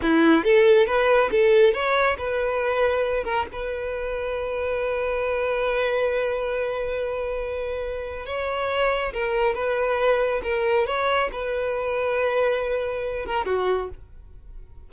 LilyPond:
\new Staff \with { instrumentName = "violin" } { \time 4/4 \tempo 4 = 138 e'4 a'4 b'4 a'4 | cis''4 b'2~ b'8 ais'8 | b'1~ | b'1~ |
b'2. cis''4~ | cis''4 ais'4 b'2 | ais'4 cis''4 b'2~ | b'2~ b'8 ais'8 fis'4 | }